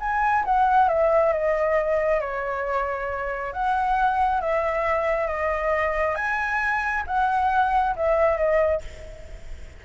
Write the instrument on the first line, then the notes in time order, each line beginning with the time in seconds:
flute
0.00 G#5
0.45 F#5
0.88 E5
1.33 D#5
2.20 C#5
3.53 F#5
4.41 E5
5.27 D#5
6.15 G#5
7.07 F#5
7.96 E5
8.37 D#5